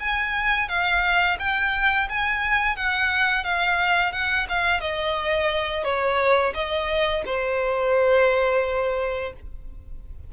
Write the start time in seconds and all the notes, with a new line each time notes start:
0.00 G#5
0.69 F5
1.39 G5
2.10 G#5
2.77 F#5
3.44 F5
4.13 F#5
4.49 F5
4.81 D#5
5.85 C#5
6.55 D#5
7.26 C5